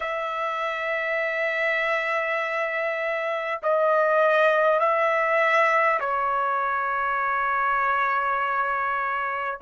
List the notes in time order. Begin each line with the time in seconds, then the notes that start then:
0.00 E5
3.62 D#5
4.79 E5
5.99 C#5